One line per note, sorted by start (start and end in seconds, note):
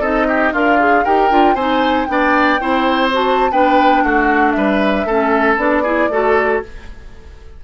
0.00 0.52 C4
0.00 0.54 D#4
0.00 0.27 A4
0.00 0.54 D#5
0.28 0.53 G4
0.53 1.04 D4
0.53 1.04 F4
0.53 0.80 A#4
0.53 1.05 F5
0.80 1.05 G#4
1.04 1.31 D#4
1.04 1.30 G4
1.04 1.55 A#4
1.04 1.55 G5
1.30 1.55 D4
1.30 1.56 F4
1.55 2.07 C4
1.55 2.07 D#4
1.55 2.07 C5
1.55 2.06 G#5
2.06 2.60 B3
2.06 2.59 D4
2.06 3.09 G5
2.12 2.61 D5
2.60 3.51 C4
2.60 3.12 E4
2.60 3.51 C5
3.12 3.51 F#4
3.12 3.52 A5
3.51 4.03 B3
3.51 5.07 D4
3.51 4.03 B4
3.51 4.04 G5
4.03 4.55 A3
4.03 4.56 F#4
4.03 4.52 F#5
4.52 5.05 G3
4.52 5.06 B4
4.52 5.55 E5
5.05 5.57 A3
5.05 5.58 C#4
5.05 5.83 A4
5.57 6.09 B3
5.57 5.84 D4
5.57 6.62 D5
5.83 6.10 E4
5.83 6.09 G#4
6.09 6.61 A3
6.09 6.63 F#4
6.09 6.64 A4